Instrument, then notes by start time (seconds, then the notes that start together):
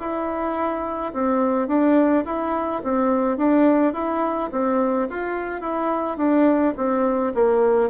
bassoon
0.00 E4
1.14 C4
1.68 D4
2.25 E4
2.84 C4
3.38 D4
3.94 E4
4.52 C4
5.10 F4
5.61 E4
6.17 D4
6.77 C4
7.34 A#3